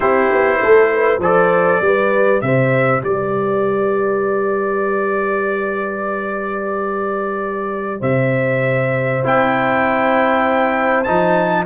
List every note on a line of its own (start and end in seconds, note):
0.00 0.31 C4
0.00 1.20 E4
0.00 0.59 G4
0.00 1.21 C5
0.31 0.62 B3
0.62 1.18 A3
0.62 0.93 A4
0.94 1.20 B4
1.18 1.79 F3
1.18 1.83 A4
1.18 1.81 C5
1.18 2.41 D5
1.81 2.41 G3
1.81 9.23 G4
1.81 2.44 B4
2.41 3.02 C3
2.41 3.04 C5
2.41 3.01 E5
3.03 8.01 G3
3.03 7.99 B4
3.03 8.02 D5
7.99 9.22 C3
7.99 11.63 C5
7.99 9.23 E5
9.23 11.06 C4
9.23 11.05 E4
9.23 11.03 G5
11.03 11.66 F3
11.03 11.66 D#4
11.03 11.64 A5